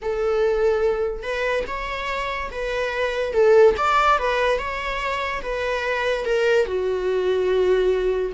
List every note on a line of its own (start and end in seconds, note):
0.02 1.22 A4
1.22 1.64 B4
1.67 2.50 C#5
2.51 3.33 B4
3.33 3.75 A4
3.77 4.18 D5
4.18 4.58 B4
4.58 5.41 C#5
5.42 6.25 B4
6.25 6.66 A#4
6.66 8.32 F#4